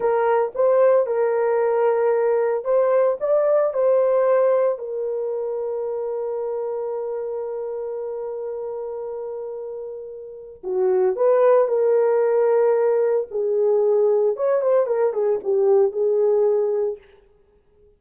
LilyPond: \new Staff \with { instrumentName = "horn" } { \time 4/4 \tempo 4 = 113 ais'4 c''4 ais'2~ | ais'4 c''4 d''4 c''4~ | c''4 ais'2.~ | ais'1~ |
ais'1 | fis'4 b'4 ais'2~ | ais'4 gis'2 cis''8 c''8 | ais'8 gis'8 g'4 gis'2 | }